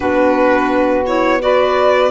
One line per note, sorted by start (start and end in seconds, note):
0.00 2.11 B3
0.00 1.05 D4
0.00 1.40 F#4
0.00 1.04 B4
1.06 1.40 E4
1.06 1.41 C#5
1.40 2.10 F#4
1.40 2.11 B4
1.40 2.11 D5